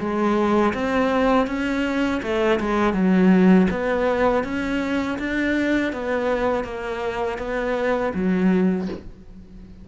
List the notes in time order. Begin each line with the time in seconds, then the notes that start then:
0.00 G#3
0.74 C4
1.47 C#4
2.23 A3
2.61 G#3
2.94 F#3
3.71 B3
4.44 C#4
5.19 D4
5.93 B3
6.65 A#3
7.39 B3
8.15 F#3